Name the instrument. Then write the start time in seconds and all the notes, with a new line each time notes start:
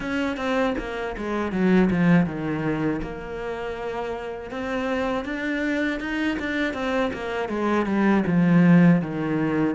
cello
0.00 C#4
0.36 C4
0.78 A#3
1.17 G#3
1.52 F#3
1.90 F3
2.25 D#3
3.01 A#3
4.50 C4
5.25 D4
6.00 D#4
6.39 D4
6.73 C4
7.12 A#3
7.48 G#3
7.85 G3
8.26 F3
9.01 D#3